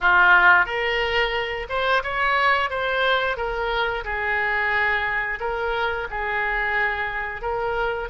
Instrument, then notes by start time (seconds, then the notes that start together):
oboe
0.00 F4
0.65 A#4
1.69 C5
2.03 C#5
2.70 C5
3.36 A#4
4.04 G#4
5.40 A#4
6.10 G#4
7.41 A#4